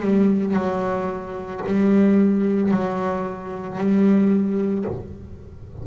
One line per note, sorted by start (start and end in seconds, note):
0.00 0.54 G3
0.54 1.61 F#3
1.67 2.71 G3
2.71 3.78 F#3
3.78 4.85 G3